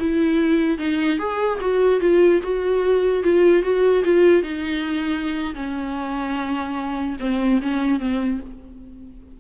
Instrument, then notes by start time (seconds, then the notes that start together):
viola
0.00 E4
0.79 D#4
1.18 G#4
1.61 F#4
2.00 F4
2.43 F#4
3.24 F4
3.63 F#4
4.04 F4
4.43 D#4
5.55 C#4
7.20 C4
7.62 C#4
8.00 C4